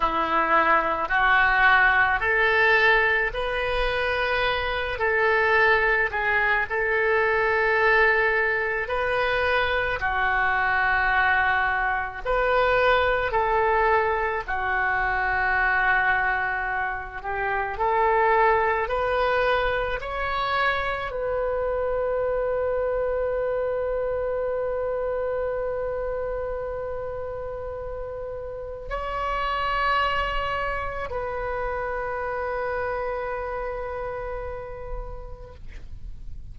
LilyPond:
\new Staff \with { instrumentName = "oboe" } { \time 4/4 \tempo 4 = 54 e'4 fis'4 a'4 b'4~ | b'8 a'4 gis'8 a'2 | b'4 fis'2 b'4 | a'4 fis'2~ fis'8 g'8 |
a'4 b'4 cis''4 b'4~ | b'1~ | b'2 cis''2 | b'1 | }